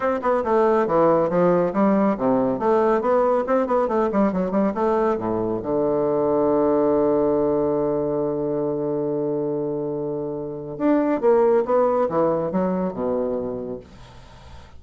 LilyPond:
\new Staff \with { instrumentName = "bassoon" } { \time 4/4 \tempo 4 = 139 c'8 b8 a4 e4 f4 | g4 c4 a4 b4 | c'8 b8 a8 g8 fis8 g8 a4 | a,4 d2.~ |
d1~ | d1~ | d4 d'4 ais4 b4 | e4 fis4 b,2 | }